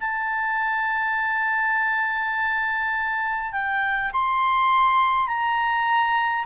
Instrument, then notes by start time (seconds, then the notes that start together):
clarinet
0.00 A5
3.52 G5
4.12 C6
5.27 A#5